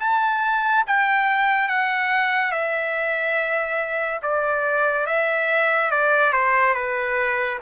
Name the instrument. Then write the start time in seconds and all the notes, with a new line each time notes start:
trumpet
0.00 A5
0.87 G5
1.69 F#5
2.52 E5
4.23 D5
5.07 E5
5.92 D5
6.33 C5
6.75 B4